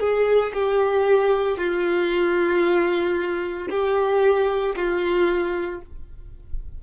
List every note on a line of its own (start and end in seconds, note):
0.00 0.53 G#4
0.54 1.57 G4
1.57 3.68 F4
3.70 4.75 G4
4.76 5.81 F4